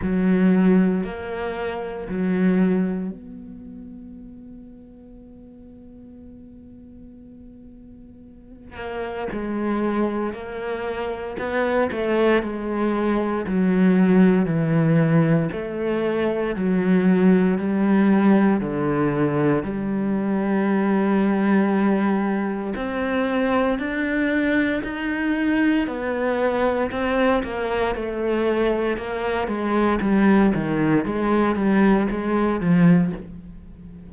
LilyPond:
\new Staff \with { instrumentName = "cello" } { \time 4/4 \tempo 4 = 58 fis4 ais4 fis4 b4~ | b1~ | b8 ais8 gis4 ais4 b8 a8 | gis4 fis4 e4 a4 |
fis4 g4 d4 g4~ | g2 c'4 d'4 | dis'4 b4 c'8 ais8 a4 | ais8 gis8 g8 dis8 gis8 g8 gis8 f8 | }